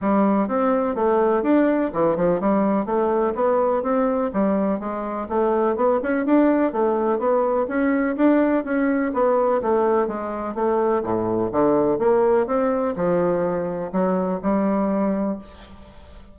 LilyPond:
\new Staff \with { instrumentName = "bassoon" } { \time 4/4 \tempo 4 = 125 g4 c'4 a4 d'4 | e8 f8 g4 a4 b4 | c'4 g4 gis4 a4 | b8 cis'8 d'4 a4 b4 |
cis'4 d'4 cis'4 b4 | a4 gis4 a4 a,4 | d4 ais4 c'4 f4~ | f4 fis4 g2 | }